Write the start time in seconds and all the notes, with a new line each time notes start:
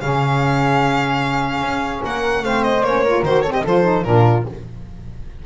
0.00 C#3 C#4 G#4 F5
1.61 C#4
2.02 A#3 A#4 F#5
2.42 A3 C4 C5 F5
2.63 D#5
2.81 A#3 C#4 C#5
3.04 F4 A#4
3.23 D#3 F#4 C5
3.42 C4 A4 C#5
3.52 G4 D#5
3.64 F3 F4 A4 C5
3.83 D#4
4.04 A#2 D4 F4 A#4